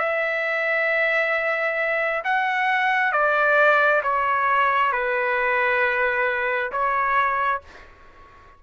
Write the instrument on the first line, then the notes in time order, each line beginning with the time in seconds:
trumpet
0.00 E5
2.25 F#5
3.13 D5
4.03 C#5
4.93 B4
6.72 C#5